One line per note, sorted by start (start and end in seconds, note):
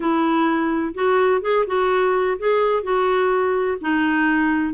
0.00 0.94 E4
0.94 1.41 F#4
1.41 1.65 G#4
1.66 2.37 F#4
2.38 2.83 G#4
2.83 3.77 F#4
3.81 4.73 D#4